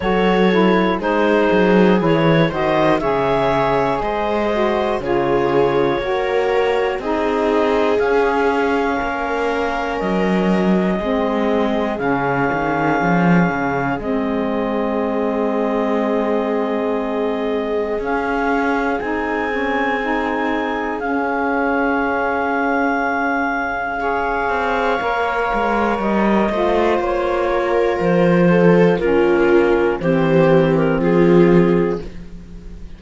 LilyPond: <<
  \new Staff \with { instrumentName = "clarinet" } { \time 4/4 \tempo 4 = 60 cis''4 c''4 cis''8 dis''8 e''4 | dis''4 cis''2 dis''4 | f''2 dis''2 | f''2 dis''2~ |
dis''2 f''4 gis''4~ | gis''4 f''2.~ | f''2 dis''4 cis''4 | c''4 ais'4 c''8. ais'16 gis'4 | }
  \new Staff \with { instrumentName = "viola" } { \time 4/4 a'4 gis'4. c''8 cis''4 | c''4 gis'4 ais'4 gis'4~ | gis'4 ais'2 gis'4~ | gis'1~ |
gis'1~ | gis'1 | cis''2~ cis''8 c''4 ais'8~ | ais'8 a'8 f'4 g'4 f'4 | }
  \new Staff \with { instrumentName = "saxophone" } { \time 4/4 fis'8 e'8 dis'4 e'8 fis'8 gis'4~ | gis'8 fis'8 f'4 fis'4 dis'4 | cis'2. c'4 | cis'2 c'2~ |
c'2 cis'4 dis'8 cis'8 | dis'4 cis'2. | gis'4 ais'4. f'4.~ | f'4 cis'4 c'2 | }
  \new Staff \with { instrumentName = "cello" } { \time 4/4 fis4 gis8 fis8 e8 dis8 cis4 | gis4 cis4 ais4 c'4 | cis'4 ais4 fis4 gis4 | cis8 dis8 f8 cis8 gis2~ |
gis2 cis'4 c'4~ | c'4 cis'2.~ | cis'8 c'8 ais8 gis8 g8 a8 ais4 | f4 ais4 e4 f4 | }
>>